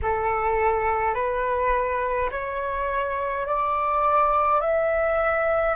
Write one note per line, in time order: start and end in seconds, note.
0.02 1.14 A4
1.14 2.30 B4
2.31 3.46 C#5
3.46 4.60 D5
4.60 5.75 E5